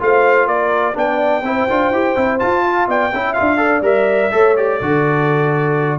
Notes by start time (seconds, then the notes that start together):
0.00 A3 F4 C5 F5
0.47 A#3 A#4 D5
0.94 B3 D4 D5 G5
1.42 C4 E4 C5
1.70 D4 F4
1.91 E4 G4
2.16 C4 E4
2.39 F4 A5
2.65 F5
2.88 B3 D5 G5
3.13 C#4 E4 E5
3.33 F4 F5
3.40 D4
3.57 A4 D5
3.81 G3 A#4 E5
4.32 A3 A4 C#5
4.57 G4 D5
4.80 D3 F#4 A4